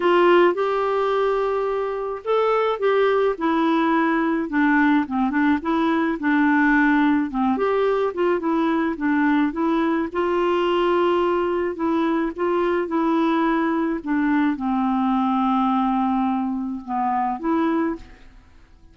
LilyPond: \new Staff \with { instrumentName = "clarinet" } { \time 4/4 \tempo 4 = 107 f'4 g'2. | a'4 g'4 e'2 | d'4 c'8 d'8 e'4 d'4~ | d'4 c'8 g'4 f'8 e'4 |
d'4 e'4 f'2~ | f'4 e'4 f'4 e'4~ | e'4 d'4 c'2~ | c'2 b4 e'4 | }